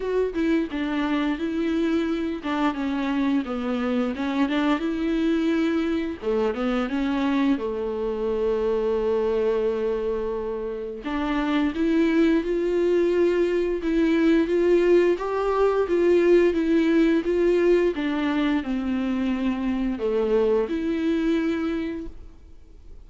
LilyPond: \new Staff \with { instrumentName = "viola" } { \time 4/4 \tempo 4 = 87 fis'8 e'8 d'4 e'4. d'8 | cis'4 b4 cis'8 d'8 e'4~ | e'4 a8 b8 cis'4 a4~ | a1 |
d'4 e'4 f'2 | e'4 f'4 g'4 f'4 | e'4 f'4 d'4 c'4~ | c'4 a4 e'2 | }